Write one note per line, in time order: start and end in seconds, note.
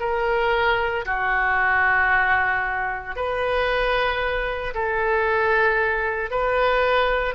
0.00 1.05 A#4
1.05 3.16 F#4
3.16 4.74 B4
4.75 6.31 A4
6.31 7.35 B4